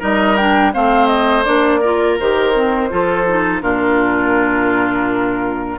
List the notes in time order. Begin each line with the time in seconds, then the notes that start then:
0.00 G3 D#4 A#4 D#5
0.37 D4 G5
0.73 A3 C4 C5 F5
1.08 D#5
1.44 A#3 D4 D5
1.81 F4 A#4
2.20 D#3 G4 C5
2.55 C4
2.90 F3 F4 A4
3.28 D#4
3.62 A#2 D4 F4 A#4